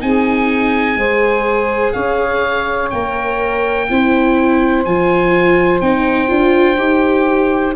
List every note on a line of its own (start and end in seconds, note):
0.00 0.96 C4
0.00 0.97 D#4
0.00 0.98 G#4
0.00 1.93 G#5
0.96 1.93 G#3
0.96 2.92 G#4
0.96 1.93 C5
1.93 2.93 C#4
1.93 3.87 C#5
1.93 2.90 F5
2.91 3.90 A#3
2.91 3.90 A#4
2.91 4.84 G5
3.90 4.85 C4
3.90 4.86 E4
3.90 7.76 C5
4.85 5.81 F3
4.85 5.82 F4
4.85 5.81 G#5
5.81 6.30 C4
5.81 6.28 D#4
5.81 7.75 G5
6.28 6.78 D4
6.28 6.77 F4
6.78 7.75 D#4
6.78 7.75 G4